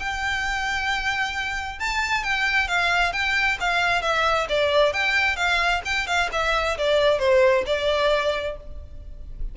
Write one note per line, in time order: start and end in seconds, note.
0.00 1.80 G5
1.80 2.24 A5
2.24 2.68 G5
2.68 3.13 F5
3.13 3.58 G5
3.60 4.03 F5
4.03 4.48 E5
4.50 4.94 D5
4.94 5.36 G5
5.36 5.82 F5
5.85 6.07 G5
6.07 6.30 F5
6.33 6.78 E5
6.78 7.19 D5
7.19 7.64 C5
7.67 8.57 D5